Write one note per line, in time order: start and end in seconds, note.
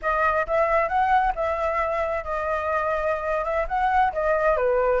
0.02 0.46 D#5
0.47 0.88 E5
0.88 1.33 F#5
1.35 2.23 E5
2.23 3.44 D#5
3.44 3.66 E5
3.67 4.12 F#5
4.12 4.56 D#5
4.56 5.00 B4